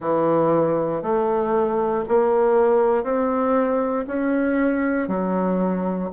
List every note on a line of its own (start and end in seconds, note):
0.00 1.02 E3
1.02 2.04 A3
2.08 3.03 A#3
3.03 4.05 C4
4.07 5.08 C#4
5.08 6.09 F#3